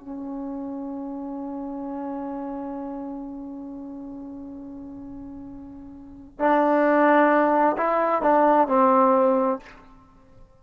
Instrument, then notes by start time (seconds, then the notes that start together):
trombone
0.00 C#4
6.39 D4
7.77 E4
8.22 D4
8.68 C4